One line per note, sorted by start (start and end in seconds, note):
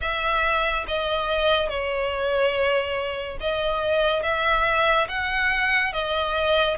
0.01 0.85 E5
0.87 1.69 D#5
1.69 3.38 C#5
3.40 4.23 D#5
4.23 5.07 E5
5.08 5.92 F#5
5.92 6.77 D#5